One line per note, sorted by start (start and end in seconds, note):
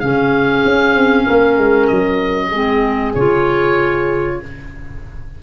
0.00 0.64 C#3
0.00 2.52 C#4
0.00 1.27 G#4
0.00 1.88 F5
0.65 0.95 C#4
0.95 1.26 C4
1.27 1.58 A#3
1.27 2.49 A#4
1.58 1.89 G#3
1.88 2.52 F#3
1.88 3.13 D#5
2.49 3.15 G#3
2.49 3.15 C4
2.49 4.36 G#4
3.15 4.41 C#3
3.15 4.43 F4
3.15 4.40 C#5